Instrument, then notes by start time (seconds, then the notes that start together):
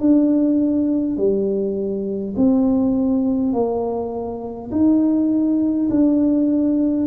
tuba
0.00 D4
1.17 G3
2.36 C4
3.53 A#3
4.71 D#4
5.90 D4